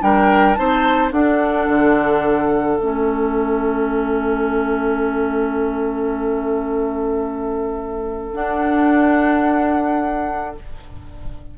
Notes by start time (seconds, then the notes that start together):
0.00 G3 D4 A#4 G5
0.54 C4 D#4 C5 A5
1.12 D4 A4 F#5
1.68 D3
2.78 A3 C#4 E5
8.32 D4 F#5